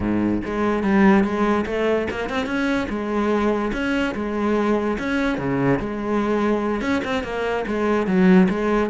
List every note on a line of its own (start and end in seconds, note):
0.00 0.41 G#2
0.44 0.83 G#3
0.83 1.24 G3
1.24 1.65 G#3
1.66 2.07 A3
2.10 2.29 A#3
2.29 2.45 C4
2.45 2.87 C#4
2.89 3.71 G#3
3.73 4.14 C#4
4.15 4.97 G#3
4.98 5.37 C#4
5.37 5.79 C#3
5.79 6.81 G#3
6.81 7.01 C#4
7.04 7.23 C4
7.23 7.65 A#3
7.66 8.06 G#3
8.06 8.48 F#3
8.49 8.90 G#3